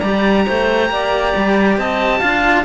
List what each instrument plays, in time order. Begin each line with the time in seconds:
0.00 cello G3 G4, clarinet D5, oboe A#5
0.46 cello A3, clarinet C5
0.90 cello A#3, clarinet D5
1.36 cello G3
1.78 cello C4, clarinet D#5, oboe A5
2.20 cello D4 F4, clarinet F5